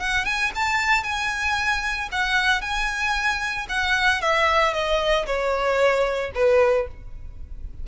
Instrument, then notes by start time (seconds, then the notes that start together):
violin
0.00 F#5
0.25 G#5
0.55 A5
1.04 G#5
2.12 F#5
2.61 G#5
3.69 F#5
4.22 E5
4.73 D#5
5.26 C#5
6.35 B4